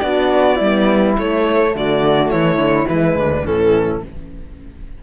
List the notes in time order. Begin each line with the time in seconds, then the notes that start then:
0.00 B3 D4 F#4 D5
0.57 G3 E4
0.64 B3
1.18 A3 C#5
1.75 D3 F#4 D5
2.30 E3 E4 C#5
2.57 D3
2.89 E3 G#3 B4
3.16 D2 D4
3.43 A2 E3 C#4 A4